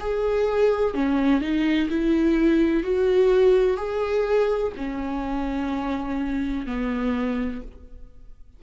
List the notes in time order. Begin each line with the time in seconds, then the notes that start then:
0.00 G#4
0.94 C#4
1.41 D#4
1.90 E4
2.83 F#4
3.77 G#4
4.77 C#4
6.66 B3